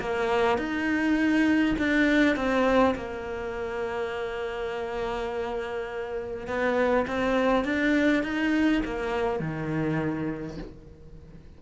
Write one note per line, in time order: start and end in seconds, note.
0.00 0.58 A#3
0.58 1.76 D#4
1.78 2.36 D4
2.36 2.95 C4
2.95 6.47 A#3
6.47 7.06 B3
7.07 7.64 C4
7.64 8.23 D4
8.24 8.82 D#4
8.85 9.40 A#3
9.40 10.57 D#3